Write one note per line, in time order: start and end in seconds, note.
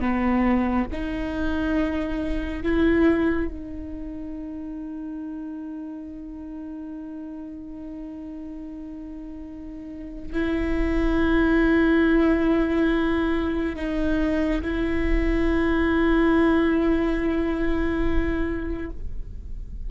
0.00 0.86 B3
0.92 2.62 D#4
2.62 3.48 E4
3.48 10.32 D#4
10.32 13.75 E4
13.75 14.61 D#4
14.61 18.90 E4